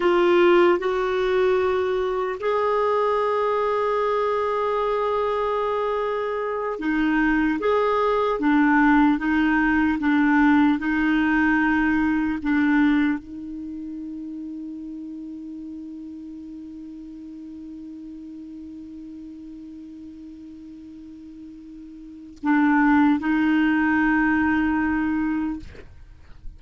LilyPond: \new Staff \with { instrumentName = "clarinet" } { \time 4/4 \tempo 4 = 75 f'4 fis'2 gis'4~ | gis'1~ | gis'8 dis'4 gis'4 d'4 dis'8~ | dis'8 d'4 dis'2 d'8~ |
d'8 dis'2.~ dis'8~ | dis'1~ | dis'1 | d'4 dis'2. | }